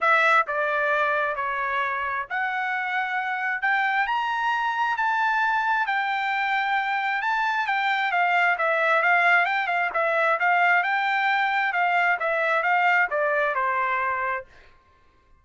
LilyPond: \new Staff \with { instrumentName = "trumpet" } { \time 4/4 \tempo 4 = 133 e''4 d''2 cis''4~ | cis''4 fis''2. | g''4 ais''2 a''4~ | a''4 g''2. |
a''4 g''4 f''4 e''4 | f''4 g''8 f''8 e''4 f''4 | g''2 f''4 e''4 | f''4 d''4 c''2 | }